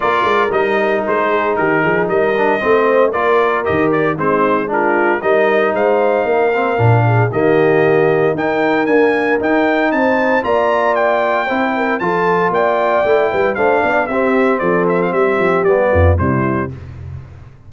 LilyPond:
<<
  \new Staff \with { instrumentName = "trumpet" } { \time 4/4 \tempo 4 = 115 d''4 dis''4 c''4 ais'4 | dis''2 d''4 dis''8 d''8 | c''4 ais'4 dis''4 f''4~ | f''2 dis''2 |
g''4 gis''4 g''4 a''4 | ais''4 g''2 a''4 | g''2 f''4 e''4 | d''8 e''16 f''16 e''4 d''4 c''4 | }
  \new Staff \with { instrumentName = "horn" } { \time 4/4 ais'2~ ais'8 gis'8 g'8 gis'8 | ais'4 c''4 ais'2 | dis'4 f'4 ais'4 c''4 | ais'4. gis'8 g'2 |
ais'2. c''4 | d''2 c''8 ais'8 a'4 | d''4. b'8 c''8 d''8 g'4 | a'4 g'4. f'8 e'4 | }
  \new Staff \with { instrumentName = "trombone" } { \time 4/4 f'4 dis'2.~ | dis'8 d'8 c'4 f'4 g'4 | c'4 d'4 dis'2~ | dis'8 c'8 d'4 ais2 |
dis'4 ais4 dis'2 | f'2 e'4 f'4~ | f'4 e'4 d'4 c'4~ | c'2 b4 g4 | }
  \new Staff \with { instrumentName = "tuba" } { \time 4/4 ais8 gis8 g4 gis4 dis8 f8 | g4 a4 ais4 dis4 | gis2 g4 gis4 | ais4 ais,4 dis2 |
dis'4 d'4 dis'4 c'4 | ais2 c'4 f4 | ais4 a8 g8 a8 b8 c'4 | f4 g8 f8 g8 f,8 c4 | }
>>